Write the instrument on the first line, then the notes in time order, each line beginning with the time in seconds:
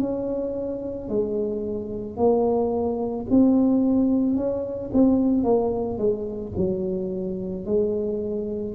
tuba
0.00 C#4
1.09 G#3
2.17 A#3
3.30 C4
4.36 C#4
4.93 C4
5.43 A#3
5.98 G#3
6.57 F#3
7.65 G#3